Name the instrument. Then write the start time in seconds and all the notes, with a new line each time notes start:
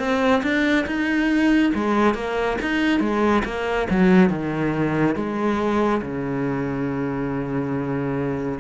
cello
0.00 C4
0.43 D4
0.87 D#4
1.75 G#3
2.15 A#3
2.62 D#4
3.00 G#3
3.45 A#3
3.90 F#3
4.30 D#3
5.16 G#3
6.02 C#3